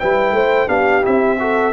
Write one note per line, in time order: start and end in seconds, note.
0.00 0.33 G3
0.00 0.68 E4
0.00 0.35 B4
0.00 0.69 G5
0.33 0.68 A3
0.33 0.68 C5
0.68 1.04 B3
0.68 1.02 D4
0.68 1.39 G4
0.68 1.05 F5
1.02 1.74 C4
1.02 1.37 E4
1.02 1.74 E5
1.40 1.74 F#4
1.40 1.74 A4